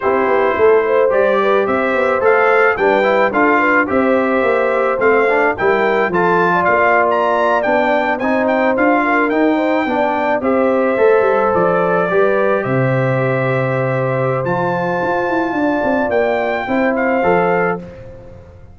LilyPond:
<<
  \new Staff \with { instrumentName = "trumpet" } { \time 4/4 \tempo 4 = 108 c''2 d''4 e''4 | f''4 g''4 f''4 e''4~ | e''4 f''4 g''4 a''4 | f''8. ais''4 g''4 gis''8 g''8 f''16~ |
f''8. g''2 e''4~ e''16~ | e''8. d''2 e''4~ e''16~ | e''2 a''2~ | a''4 g''4. f''4. | }
  \new Staff \with { instrumentName = "horn" } { \time 4/4 g'4 a'8 c''4 b'8 c''4~ | c''4 b'4 a'8 b'8 c''4~ | c''2 ais'4 a'8. d''16~ | d''2~ d''8. c''4~ c''16~ |
c''16 ais'4 c''8 d''4 c''4~ c''16~ | c''4.~ c''16 b'4 c''4~ c''16~ | c''1 | d''2 c''2 | }
  \new Staff \with { instrumentName = "trombone" } { \time 4/4 e'2 g'2 | a'4 d'8 e'8 f'4 g'4~ | g'4 c'8 d'8 e'4 f'4~ | f'4.~ f'16 d'4 dis'4 f'16~ |
f'8. dis'4 d'4 g'4 a'16~ | a'4.~ a'16 g'2~ g'16~ | g'2 f'2~ | f'2 e'4 a'4 | }
  \new Staff \with { instrumentName = "tuba" } { \time 4/4 c'8 b8 a4 g4 c'8 b8 | a4 g4 d'4 c'4 | ais4 a4 g4 f4 | ais4.~ ais16 b4 c'4 d'16~ |
d'8. dis'4 b4 c'4 a16~ | a16 g8 f4 g4 c4~ c16~ | c2 f4 f'8 e'8 | d'8 c'8 ais4 c'4 f4 | }
>>